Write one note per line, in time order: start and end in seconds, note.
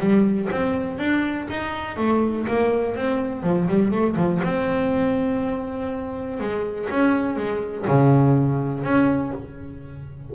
0.00 0.49 G3
0.52 0.99 C4
0.99 1.48 D4
1.50 1.97 D#4
1.97 2.46 A3
2.48 2.96 A#3
2.96 3.43 C4
3.43 3.68 F3
3.68 3.91 G3
3.91 4.16 A3
4.17 4.41 F3
4.44 6.40 C4
6.40 6.89 G#3
6.90 7.37 C#4
7.37 7.86 G#3
7.88 8.84 C#3
8.84 9.33 C#4